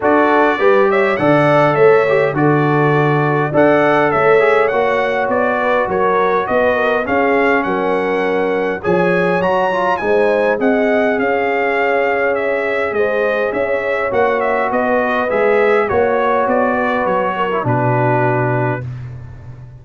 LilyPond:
<<
  \new Staff \with { instrumentName = "trumpet" } { \time 4/4 \tempo 4 = 102 d''4. e''8 fis''4 e''4 | d''2 fis''4 e''4 | fis''4 d''4 cis''4 dis''4 | f''4 fis''2 gis''4 |
ais''4 gis''4 fis''4 f''4~ | f''4 e''4 dis''4 e''4 | fis''8 e''8 dis''4 e''4 cis''4 | d''4 cis''4 b'2 | }
  \new Staff \with { instrumentName = "horn" } { \time 4/4 a'4 b'8 cis''8 d''4 cis''4 | a'2 d''4 cis''4~ | cis''4. b'8 ais'4 b'8 ais'8 | gis'4 ais'2 cis''4~ |
cis''4 c''4 dis''4 cis''4~ | cis''2 c''4 cis''4~ | cis''4 b'2 cis''4~ | cis''8 b'4 ais'8 fis'2 | }
  \new Staff \with { instrumentName = "trombone" } { \time 4/4 fis'4 g'4 a'4. g'8 | fis'2 a'4. gis'8 | fis'1 | cis'2. gis'4 |
fis'8 f'8 dis'4 gis'2~ | gis'1 | fis'2 gis'4 fis'4~ | fis'4.~ fis'16 e'16 d'2 | }
  \new Staff \with { instrumentName = "tuba" } { \time 4/4 d'4 g4 d4 a4 | d2 d'4 a4 | ais4 b4 fis4 b4 | cis'4 fis2 f4 |
fis4 gis4 c'4 cis'4~ | cis'2 gis4 cis'4 | ais4 b4 gis4 ais4 | b4 fis4 b,2 | }
>>